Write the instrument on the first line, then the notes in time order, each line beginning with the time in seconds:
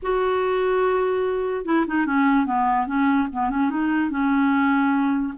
clarinet
0.02 F#4
1.65 E4
1.87 D#4
2.05 C#4
2.46 B3
2.86 C#4
3.32 B3
3.50 C#4
3.70 D#4
4.09 C#4